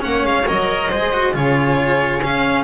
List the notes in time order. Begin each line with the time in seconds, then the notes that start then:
0.00 A#3 C#4 C#5 F#5
0.24 G#3 F5
0.46 F#3 A#4 D#5
0.90 G#3 G#4 C5
1.13 F#4
1.34 C#3 F4 G#4 C#5
2.21 C#4 F5